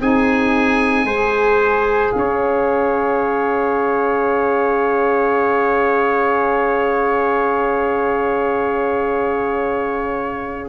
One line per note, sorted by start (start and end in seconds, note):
0.00 1.05 C4
0.00 1.07 D#4
0.00 1.06 G#4
0.00 2.12 G#5
1.05 2.12 G#3
1.05 10.69 G#4
1.05 2.14 C5
2.12 10.69 C#4
2.12 10.69 F5
2.18 10.69 C#5